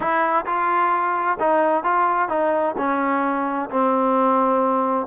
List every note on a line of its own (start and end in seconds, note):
0.00 0.45 E4
0.46 1.38 F4
1.39 1.83 D#4
1.83 2.28 F4
2.28 2.75 D#4
2.77 3.69 C#4
3.69 5.06 C4